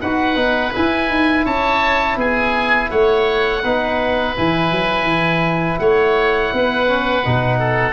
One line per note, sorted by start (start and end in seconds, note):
0.00 0.36 D#4
0.00 0.35 F#4
0.00 1.44 B4
0.00 0.72 F#5
0.35 0.72 B3
0.35 0.71 D#4
0.72 3.61 E4
0.72 1.09 E4
0.72 1.45 G#5
1.09 1.45 D#4
1.44 2.16 C#4
1.44 2.16 C#5
1.44 2.18 A5
2.16 2.88 B3
2.16 2.90 G#4
2.16 2.90 G#5
2.90 3.64 A3
2.90 3.62 C#5
2.90 4.35 F#5
3.63 4.36 B3
3.63 4.35 D#4
3.63 5.80 B4
4.35 4.71 E3
4.35 6.87 E4
4.35 5.78 G#5
4.71 5.02 F#3
5.02 5.75 E3
5.78 6.52 A3
5.78 6.53 C#5
5.78 7.93 F#5
6.52 7.25 B3
6.52 7.59 B4
6.87 7.23 C#4
7.25 7.93 B2
7.25 7.93 D#4
7.59 7.93 A4